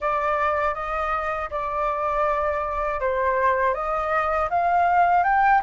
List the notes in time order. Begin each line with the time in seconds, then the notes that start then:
0.00 D5
0.74 D#5
1.50 D5
3.00 C5
3.74 D#5
4.50 F5
5.23 G5